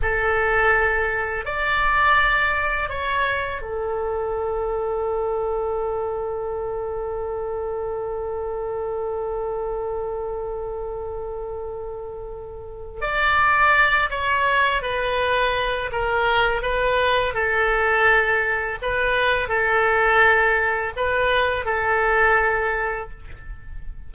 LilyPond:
\new Staff \with { instrumentName = "oboe" } { \time 4/4 \tempo 4 = 83 a'2 d''2 | cis''4 a'2.~ | a'1~ | a'1~ |
a'2 d''4. cis''8~ | cis''8 b'4. ais'4 b'4 | a'2 b'4 a'4~ | a'4 b'4 a'2 | }